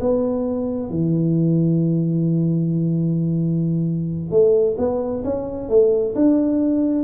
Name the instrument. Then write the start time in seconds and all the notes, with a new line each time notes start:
tuba
0.00 B3
0.90 E3
4.31 A3
4.78 B3
5.24 C#4
5.69 A3
6.15 D4